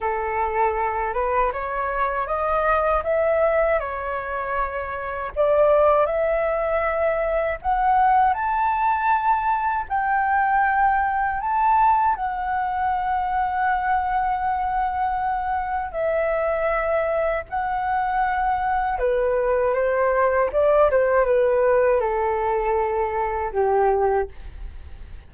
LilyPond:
\new Staff \with { instrumentName = "flute" } { \time 4/4 \tempo 4 = 79 a'4. b'8 cis''4 dis''4 | e''4 cis''2 d''4 | e''2 fis''4 a''4~ | a''4 g''2 a''4 |
fis''1~ | fis''4 e''2 fis''4~ | fis''4 b'4 c''4 d''8 c''8 | b'4 a'2 g'4 | }